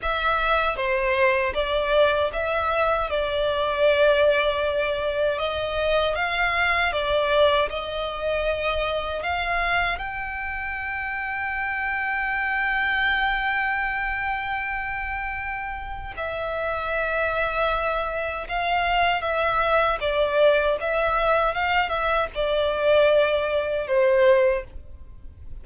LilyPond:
\new Staff \with { instrumentName = "violin" } { \time 4/4 \tempo 4 = 78 e''4 c''4 d''4 e''4 | d''2. dis''4 | f''4 d''4 dis''2 | f''4 g''2.~ |
g''1~ | g''4 e''2. | f''4 e''4 d''4 e''4 | f''8 e''8 d''2 c''4 | }